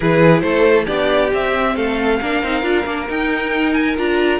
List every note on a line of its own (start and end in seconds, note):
0.00 0.42 E3
0.00 0.85 E4
0.00 0.42 G#4
0.00 0.40 B4
0.40 0.87 A3
0.40 0.85 A4
0.40 0.84 C5
0.85 1.32 B3
0.85 1.30 D4
0.85 1.74 G4
0.85 1.31 D5
1.33 1.76 C4
1.33 2.21 C4
1.33 1.76 E5
1.75 2.20 A3
1.75 2.19 A4
1.75 3.08 F5
2.20 2.42 A#3
2.20 2.43 D4
2.20 4.39 A#4
2.42 2.63 C4
2.42 2.62 D#4
2.62 2.85 D4
2.62 2.84 F4
2.85 3.08 A#3
2.85 3.07 D4
3.08 3.96 D#4
3.08 3.97 D#4
3.08 3.73 G5
3.73 3.95 G#5
3.96 4.39 D4
3.96 4.39 F4
3.96 4.39 A#5